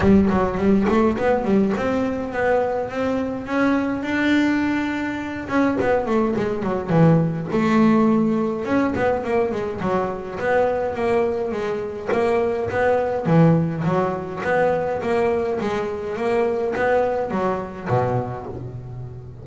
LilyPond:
\new Staff \with { instrumentName = "double bass" } { \time 4/4 \tempo 4 = 104 g8 fis8 g8 a8 b8 g8 c'4 | b4 c'4 cis'4 d'4~ | d'4. cis'8 b8 a8 gis8 fis8 | e4 a2 cis'8 b8 |
ais8 gis8 fis4 b4 ais4 | gis4 ais4 b4 e4 | fis4 b4 ais4 gis4 | ais4 b4 fis4 b,4 | }